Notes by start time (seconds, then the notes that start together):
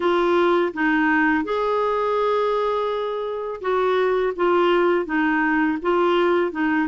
0.00 F4
0.73 D#4
1.44 G#4
3.61 F#4
4.36 F4
5.05 D#4
5.82 F4
6.51 D#4